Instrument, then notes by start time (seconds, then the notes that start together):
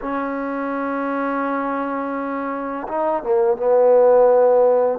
trombone
0.01 C#4
2.88 D#4
3.23 A#3
3.56 B3